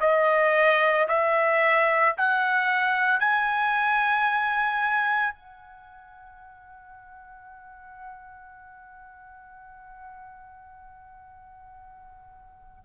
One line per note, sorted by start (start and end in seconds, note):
0.00 1.07 D#5
1.08 2.15 E5
2.17 3.20 F#5
3.20 5.34 G#5
5.34 12.84 F#5